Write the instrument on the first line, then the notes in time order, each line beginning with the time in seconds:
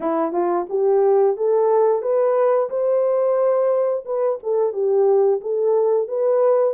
horn
0.00 E4
0.32 F4
0.69 G4
1.36 A4
2.02 B4
2.69 C5
4.05 B4
4.42 A4
4.73 G4
5.41 A4
6.08 B4